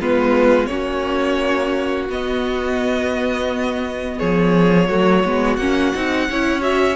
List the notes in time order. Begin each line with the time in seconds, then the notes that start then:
0.00 G#3 B3 F4 B4
0.66 A#3 C#4 F#4 C#5
2.09 B3 D#5
4.19 F3 G#4 C#5
4.89 F#3 A3 F#4
5.25 G#3 B3
5.57 A#3 C#4 F#5
5.95 C4 D#4
6.29 C#4 E4 C#5
6.61 F#4 E5